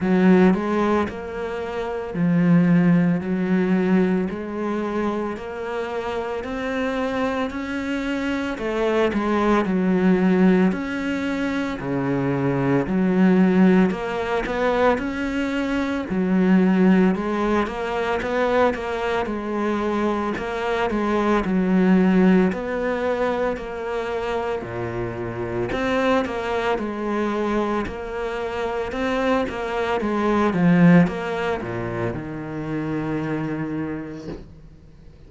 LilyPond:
\new Staff \with { instrumentName = "cello" } { \time 4/4 \tempo 4 = 56 fis8 gis8 ais4 f4 fis4 | gis4 ais4 c'4 cis'4 | a8 gis8 fis4 cis'4 cis4 | fis4 ais8 b8 cis'4 fis4 |
gis8 ais8 b8 ais8 gis4 ais8 gis8 | fis4 b4 ais4 ais,4 | c'8 ais8 gis4 ais4 c'8 ais8 | gis8 f8 ais8 ais,8 dis2 | }